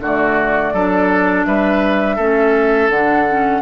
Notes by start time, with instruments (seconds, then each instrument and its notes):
0.00 bassoon D3, clarinet A3, oboe F#4, flute D5
0.73 bassoon F#3, clarinet D4, oboe A4
1.45 bassoon G3, oboe B4, flute E5
2.16 bassoon A3, clarinet C#4, oboe A4
2.89 bassoon D3, clarinet D4, flute F#5
3.28 clarinet C#4